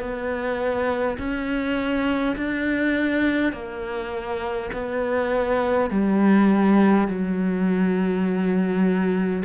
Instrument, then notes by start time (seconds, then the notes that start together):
cello
0.00 B3
1.19 C#4
2.37 D4
3.53 A#3
4.73 B3
5.90 G3
7.08 F#3